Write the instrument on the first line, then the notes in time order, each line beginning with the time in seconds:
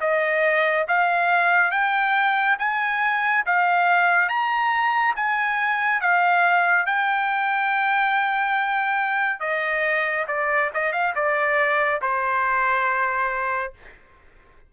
trumpet
0.00 D#5
0.88 F5
1.71 G5
2.59 G#5
3.46 F5
4.29 A#5
5.16 G#5
6.01 F5
6.86 G5
9.40 D#5
10.27 D5
10.74 D#5
10.92 F5
11.15 D5
12.01 C5